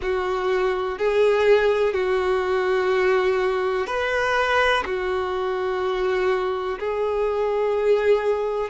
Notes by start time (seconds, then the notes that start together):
0.01 F#4
0.98 G#4
1.93 F#4
3.87 B4
4.85 F#4
6.79 G#4